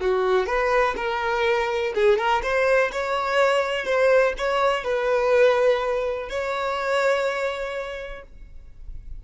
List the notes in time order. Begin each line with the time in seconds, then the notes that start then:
0.00 F#4
0.46 B4
0.96 A#4
1.94 G#4
2.18 A#4
2.42 C5
2.92 C#5
3.85 C5
4.37 C#5
4.84 B4
6.29 C#5